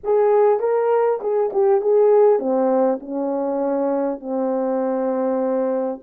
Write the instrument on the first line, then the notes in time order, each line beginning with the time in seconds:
horn
0.03 G#4
0.59 A#4
1.20 G#4
1.52 G4
1.81 G#4
2.39 C4
3.00 C#4
4.20 C4